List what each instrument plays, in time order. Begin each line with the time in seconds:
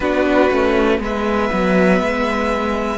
0.00 cello B3, viola D4, violin F#4 B4
0.50 cello A3, viola C#4
0.98 cello G#3, viola B3, violin B4 E5
1.52 cello F#3
2.00 cello G#3